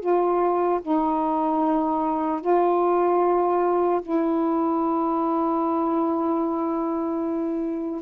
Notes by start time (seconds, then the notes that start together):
0.00 F4
0.81 D#4
2.41 F4
4.02 E4